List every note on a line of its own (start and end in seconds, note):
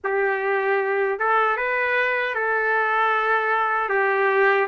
0.04 1.19 G4
1.19 1.56 A4
1.56 2.34 B4
2.34 3.89 A4
3.89 4.67 G4